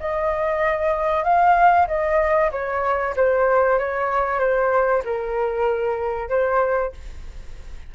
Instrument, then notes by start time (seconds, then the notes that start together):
flute
0.00 D#5
1.24 F5
1.87 D#5
2.52 C#5
3.17 C5
3.79 C#5
4.40 C5
5.05 A#4
6.30 C5